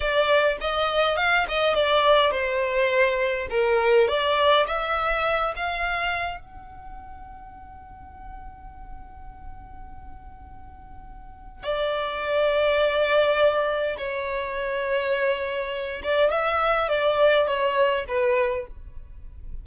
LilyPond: \new Staff \with { instrumentName = "violin" } { \time 4/4 \tempo 4 = 103 d''4 dis''4 f''8 dis''8 d''4 | c''2 ais'4 d''4 | e''4. f''4. fis''4~ | fis''1~ |
fis''1 | d''1 | cis''2.~ cis''8 d''8 | e''4 d''4 cis''4 b'4 | }